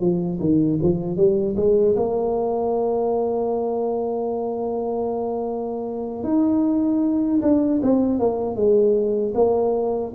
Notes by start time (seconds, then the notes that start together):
0.00 F3
0.40 D#3
0.82 F3
1.17 G3
1.56 G#3
1.96 A#3
6.23 D#4
7.41 D4
7.82 C4
8.19 A#3
8.55 G#3
9.34 A#3